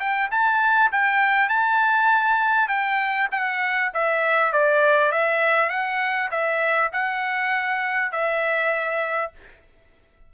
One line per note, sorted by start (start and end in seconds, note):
0.00 0.30 G5
0.31 0.91 A5
0.92 1.49 G5
1.49 2.68 A5
2.68 3.28 G5
3.32 3.92 F#5
3.94 4.53 E5
4.53 5.12 D5
5.12 5.70 E5
5.70 6.30 F#5
6.31 6.91 E5
6.93 8.12 F#5
8.12 9.32 E5